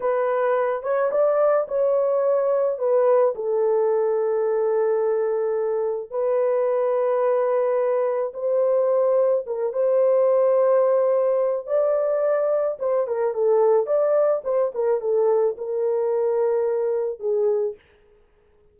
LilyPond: \new Staff \with { instrumentName = "horn" } { \time 4/4 \tempo 4 = 108 b'4. cis''8 d''4 cis''4~ | cis''4 b'4 a'2~ | a'2. b'4~ | b'2. c''4~ |
c''4 ais'8 c''2~ c''8~ | c''4 d''2 c''8 ais'8 | a'4 d''4 c''8 ais'8 a'4 | ais'2. gis'4 | }